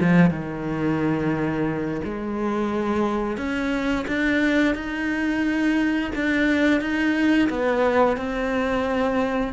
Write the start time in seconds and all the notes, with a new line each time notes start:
0.00 F3
0.30 D#3
2.04 G#3
3.37 C#4
4.07 D4
4.74 D#4
6.15 D4
6.81 D#4
7.50 B3
8.16 C4